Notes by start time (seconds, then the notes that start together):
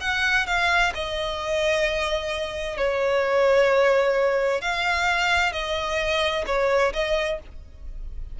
0.00 F#5
0.46 F5
0.94 D#5
2.77 C#5
4.61 F5
5.52 D#5
6.46 C#5
6.93 D#5